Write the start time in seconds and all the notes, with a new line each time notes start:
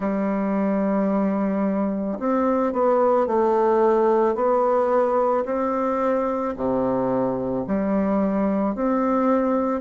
0.00 G3
2.19 C4
2.73 B3
3.26 A3
4.35 B3
5.45 C4
6.56 C3
7.67 G3
8.75 C4